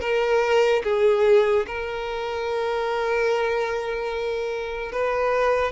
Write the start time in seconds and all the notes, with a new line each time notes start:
0.00 A#4
0.84 G#4
1.66 A#4
4.92 B4